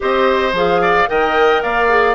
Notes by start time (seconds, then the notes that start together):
0.00 C4 G4 C5 D#5
0.52 F3 G#4 F5
0.81 D5
1.07 D#3 A#4 D#5 G5
1.62 A#3 D5 F5
1.89 G#4